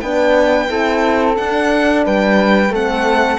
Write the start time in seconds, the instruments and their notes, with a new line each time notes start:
0.00 cello B3, horn D4, flute B4, violin G5
0.67 cello C4, horn E4, flute A4
1.35 horn D4, cello D4, violin F#5
2.04 cello G3, flute B4, violin G5
2.69 cello A3, horn C4, flute A4, violin F#5